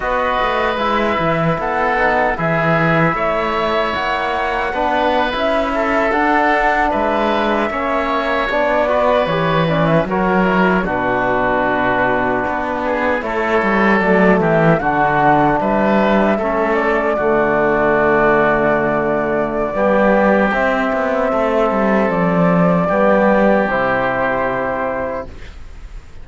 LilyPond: <<
  \new Staff \with { instrumentName = "flute" } { \time 4/4 \tempo 4 = 76 dis''4 e''4 fis''4 e''4~ | e''4 fis''4.~ fis''16 e''4 fis''16~ | fis''8. e''2 d''4 cis''16~ | cis''16 d''16 e''16 cis''4 b'2~ b'16~ |
b'8. cis''4 d''8 e''8 fis''4 e''16~ | e''4~ e''16 d''2~ d''8.~ | d''2 e''2 | d''2 c''2 | }
  \new Staff \with { instrumentName = "oboe" } { \time 4/4 b'2 a'4 gis'4 | cis''2 b'4~ b'16 a'8.~ | a'8. b'4 cis''4. b'8.~ | b'8. ais'4 fis'2~ fis'16~ |
fis'16 gis'8 a'4. g'8 fis'4 b'16~ | b'8. a'4 fis'2~ fis'16~ | fis'4 g'2 a'4~ | a'4 g'2. | }
  \new Staff \with { instrumentName = "trombone" } { \time 4/4 fis'4 e'4. dis'8 e'4~ | e'2 d'8. e'4 d'16~ | d'4.~ d'16 cis'4 d'8 fis'8 g'16~ | g'16 cis'8 fis'8 e'8 d'2~ d'16~ |
d'8. e'4 a4 d'4~ d'16~ | d'8. cis'4 a2~ a16~ | a4 b4 c'2~ | c'4 b4 e'2 | }
  \new Staff \with { instrumentName = "cello" } { \time 4/4 b8 a8 gis8 e8 b4 e4 | a4 ais4 b8. cis'4 d'16~ | d'8. gis4 ais4 b4 e16~ | e8. fis4 b,2 b16~ |
b8. a8 g8 fis8 e8 d4 g16~ | g8. a4 d2~ d16~ | d4 g4 c'8 b8 a8 g8 | f4 g4 c2 | }
>>